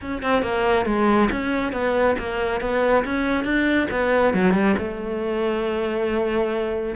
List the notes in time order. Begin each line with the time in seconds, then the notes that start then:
0.01 C#4
0.22 C4
0.42 A#3
0.85 G#3
1.31 C#4
1.72 B3
2.18 A#3
2.60 B3
3.04 C#4
3.44 D4
3.90 B3
4.33 F#3
4.53 G3
4.77 A3